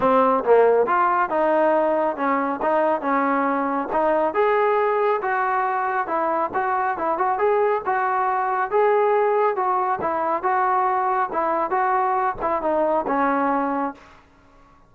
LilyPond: \new Staff \with { instrumentName = "trombone" } { \time 4/4 \tempo 4 = 138 c'4 ais4 f'4 dis'4~ | dis'4 cis'4 dis'4 cis'4~ | cis'4 dis'4 gis'2 | fis'2 e'4 fis'4 |
e'8 fis'8 gis'4 fis'2 | gis'2 fis'4 e'4 | fis'2 e'4 fis'4~ | fis'8 e'8 dis'4 cis'2 | }